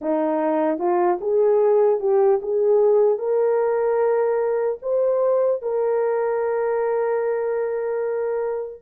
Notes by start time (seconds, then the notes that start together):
0.01 D#4
0.78 F4
1.20 G#4
2.00 G4
2.41 G#4
3.18 A#4
4.81 C5
5.61 A#4